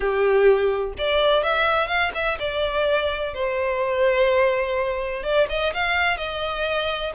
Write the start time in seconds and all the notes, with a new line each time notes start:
0.00 G4
0.98 D5
1.43 E5
1.87 F5
2.14 E5
2.39 D5
3.34 C5
5.23 D5
5.49 D#5
5.73 F5
6.17 D#5